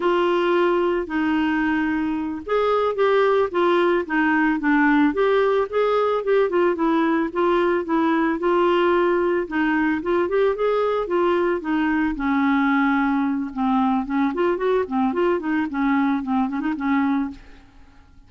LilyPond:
\new Staff \with { instrumentName = "clarinet" } { \time 4/4 \tempo 4 = 111 f'2 dis'2~ | dis'8 gis'4 g'4 f'4 dis'8~ | dis'8 d'4 g'4 gis'4 g'8 | f'8 e'4 f'4 e'4 f'8~ |
f'4. dis'4 f'8 g'8 gis'8~ | gis'8 f'4 dis'4 cis'4.~ | cis'4 c'4 cis'8 f'8 fis'8 c'8 | f'8 dis'8 cis'4 c'8 cis'16 dis'16 cis'4 | }